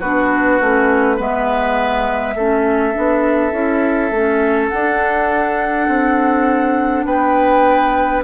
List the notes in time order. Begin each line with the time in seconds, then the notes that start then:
0.00 B3 D4 F#4 B4
0.60 A3 C#4
1.16 G#3 B3 B4 E5
2.35 A3 C#4 A4
2.93 B3 D4
3.51 C#4 E4
4.11 A3 C#4
4.68 D4 F#5
5.88 C4
7.05 B3 B4 G5